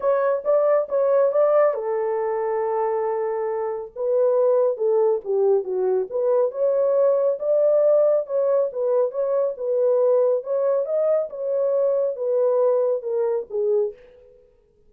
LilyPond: \new Staff \with { instrumentName = "horn" } { \time 4/4 \tempo 4 = 138 cis''4 d''4 cis''4 d''4 | a'1~ | a'4 b'2 a'4 | g'4 fis'4 b'4 cis''4~ |
cis''4 d''2 cis''4 | b'4 cis''4 b'2 | cis''4 dis''4 cis''2 | b'2 ais'4 gis'4 | }